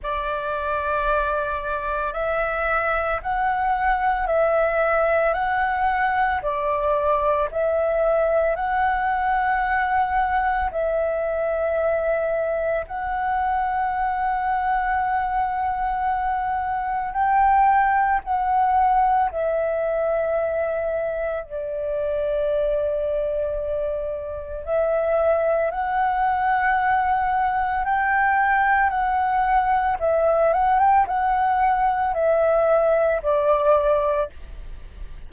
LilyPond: \new Staff \with { instrumentName = "flute" } { \time 4/4 \tempo 4 = 56 d''2 e''4 fis''4 | e''4 fis''4 d''4 e''4 | fis''2 e''2 | fis''1 |
g''4 fis''4 e''2 | d''2. e''4 | fis''2 g''4 fis''4 | e''8 fis''16 g''16 fis''4 e''4 d''4 | }